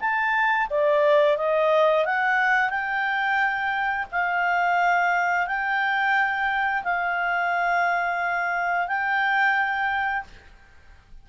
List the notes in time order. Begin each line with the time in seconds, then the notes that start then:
0.00 A5
0.70 D5
1.37 D#5
2.05 F#5
2.70 G5
4.12 F5
5.47 G5
6.84 F5
8.88 G5